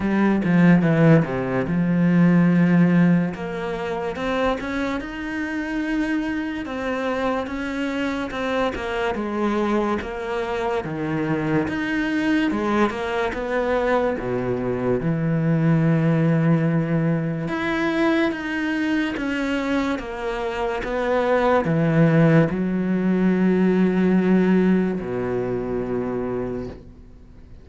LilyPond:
\new Staff \with { instrumentName = "cello" } { \time 4/4 \tempo 4 = 72 g8 f8 e8 c8 f2 | ais4 c'8 cis'8 dis'2 | c'4 cis'4 c'8 ais8 gis4 | ais4 dis4 dis'4 gis8 ais8 |
b4 b,4 e2~ | e4 e'4 dis'4 cis'4 | ais4 b4 e4 fis4~ | fis2 b,2 | }